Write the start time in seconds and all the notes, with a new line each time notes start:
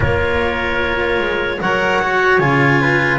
0.00 A#3 F4 A#4 C#5
1.18 G#3
1.61 F#3 A#4 C#5 F#5
2.01 F#4
2.38 C#3 F4 G#5
2.81 B4